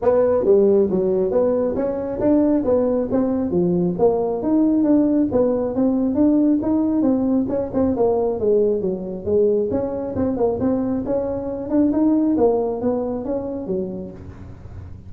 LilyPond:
\new Staff \with { instrumentName = "tuba" } { \time 4/4 \tempo 4 = 136 b4 g4 fis4 b4 | cis'4 d'4 b4 c'4 | f4 ais4 dis'4 d'4 | b4 c'4 d'4 dis'4 |
c'4 cis'8 c'8 ais4 gis4 | fis4 gis4 cis'4 c'8 ais8 | c'4 cis'4. d'8 dis'4 | ais4 b4 cis'4 fis4 | }